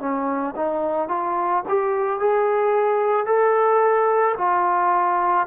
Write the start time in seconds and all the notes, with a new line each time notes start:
0.00 C#4
0.56 D#4
1.09 F4
1.69 G4
2.20 G#4
3.26 A4
4.38 F4